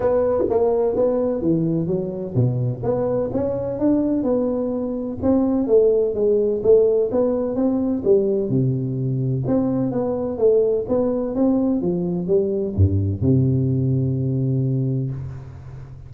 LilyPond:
\new Staff \with { instrumentName = "tuba" } { \time 4/4 \tempo 4 = 127 b4 ais4 b4 e4 | fis4 b,4 b4 cis'4 | d'4 b2 c'4 | a4 gis4 a4 b4 |
c'4 g4 c2 | c'4 b4 a4 b4 | c'4 f4 g4 g,4 | c1 | }